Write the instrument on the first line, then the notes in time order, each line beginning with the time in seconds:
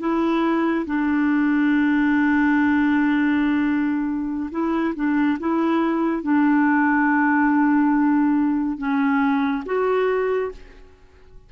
clarinet
0.00 E4
0.86 D4
4.52 E4
4.96 D4
5.40 E4
6.23 D4
8.78 C#4
9.66 F#4